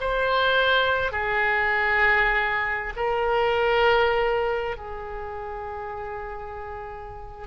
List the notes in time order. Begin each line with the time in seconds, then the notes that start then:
0.00 C5
1.12 G#4
2.96 A#4
4.77 G#4